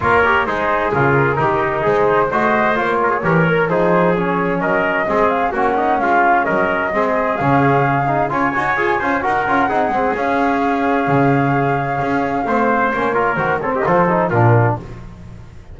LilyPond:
<<
  \new Staff \with { instrumentName = "flute" } { \time 4/4 \tempo 4 = 130 cis''4 c''4 ais'2 | c''4 dis''4 cis''2 | c''4 cis''4 dis''4. f''8 | fis''4 f''4 dis''2 |
f''2 gis''2 | fis''2 f''2~ | f''1 | cis''4 c''8 cis''16 dis''16 c''4 ais'4 | }
  \new Staff \with { instrumentName = "trumpet" } { \time 4/4 ais'4 dis'4 f'4 dis'4~ | dis'4 c''4. ais'16 gis'16 ais'4 | gis'2 ais'4 gis'4 | fis'8 dis'8 f'4 ais'4 gis'4~ |
gis'2 cis''4. c''8 | ais'4 gis'2.~ | gis'2. c''4~ | c''8 ais'4 a'16 g'16 a'4 f'4 | }
  \new Staff \with { instrumentName = "trombone" } { \time 4/4 f'8 g'8 gis'2 g'4 | gis'4 fis'4 f'4 g'8 ais'8 | dis'4 cis'2 c'4 | cis'2. c'4 |
cis'4. dis'8 f'8 fis'8 gis'8 f'8 | fis'8 f'8 dis'8 c'8 cis'2~ | cis'2. c'4 | cis'8 f'8 fis'8 c'8 f'8 dis'8 d'4 | }
  \new Staff \with { instrumentName = "double bass" } { \time 4/4 ais4 gis4 cis4 dis4 | gis4 a4 ais4 e4 | f2 fis4 gis4 | ais4 gis4 fis4 gis4 |
cis2 cis'8 dis'8 f'8 cis'8 | dis'8 cis'8 c'8 gis8 cis'2 | cis2 cis'4 a4 | ais4 dis4 f4 ais,4 | }
>>